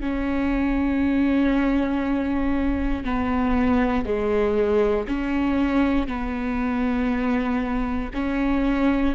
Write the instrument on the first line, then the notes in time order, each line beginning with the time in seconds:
viola
0.00 C#4
3.05 B3
4.05 G#3
5.08 C#4
6.07 B3
8.14 C#4